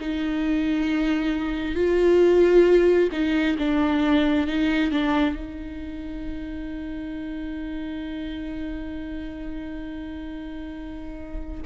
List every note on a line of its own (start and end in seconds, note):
0.00 1.75 D#4
1.75 3.09 F4
3.12 3.57 D#4
3.59 4.47 D4
4.47 4.91 D#4
4.91 5.35 D4
5.35 11.62 D#4